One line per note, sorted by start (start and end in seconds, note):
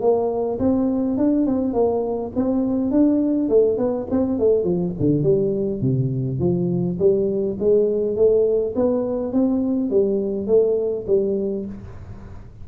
0.00 0.58 A#3
0.59 1.17 C4
1.17 1.46 D4
1.46 1.73 C4
1.73 2.31 A#3
2.35 2.91 C4
2.91 3.48 D4
3.48 3.77 A3
3.77 4.06 B3
4.10 4.38 C4
4.38 4.63 A3
4.63 4.92 F3
4.99 5.23 D3
5.23 5.81 G3
5.81 6.39 C3
6.39 6.97 F3
6.99 7.57 G3
7.59 8.16 G#3
8.16 8.74 A3
8.75 9.32 B3
9.32 9.90 C4
9.90 10.47 G3
10.47 11.05 A3
11.07 11.65 G3